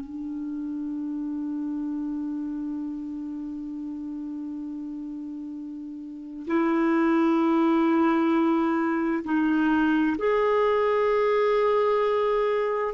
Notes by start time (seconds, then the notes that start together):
0.00 D4
6.47 E4
9.24 D#4
10.18 G#4